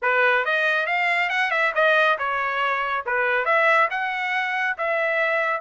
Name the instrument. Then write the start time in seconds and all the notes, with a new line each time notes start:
trumpet
0.02 B4
0.45 D#5
0.86 F5
1.29 F#5
1.50 E5
1.74 D#5
2.18 C#5
3.06 B4
3.45 E5
3.90 F#5
4.77 E5